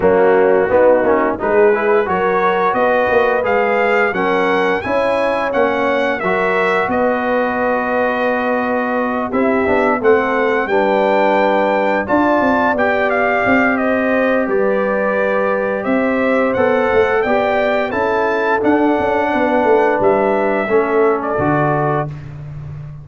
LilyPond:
<<
  \new Staff \with { instrumentName = "trumpet" } { \time 4/4 \tempo 4 = 87 fis'2 b'4 cis''4 | dis''4 f''4 fis''4 gis''4 | fis''4 e''4 dis''2~ | dis''4. e''4 fis''4 g''8~ |
g''4. a''4 g''8 f''4 | dis''4 d''2 e''4 | fis''4 g''4 a''4 fis''4~ | fis''4 e''4.~ e''16 d''4~ d''16 | }
  \new Staff \with { instrumentName = "horn" } { \time 4/4 cis'4 dis'4 gis'4 ais'4 | b'2 ais'4 cis''4~ | cis''4 ais'4 b'2~ | b'4. g'4 a'4 b'8~ |
b'4. d''2~ d''8 | c''4 b'2 c''4~ | c''4 d''4 a'2 | b'2 a'2 | }
  \new Staff \with { instrumentName = "trombone" } { \time 4/4 ais4 b8 cis'8 dis'8 e'8 fis'4~ | fis'4 gis'4 cis'4 e'4 | cis'4 fis'2.~ | fis'4. e'8 d'8 c'4 d'8~ |
d'4. f'4 g'4.~ | g'1 | a'4 g'4 e'4 d'4~ | d'2 cis'4 fis'4 | }
  \new Staff \with { instrumentName = "tuba" } { \time 4/4 fis4 b8 ais8 gis4 fis4 | b8 ais8 gis4 fis4 cis'4 | ais4 fis4 b2~ | b4. c'8 b8 a4 g8~ |
g4. d'8 c'8 b4 c'8~ | c'4 g2 c'4 | b8 a8 b4 cis'4 d'8 cis'8 | b8 a8 g4 a4 d4 | }
>>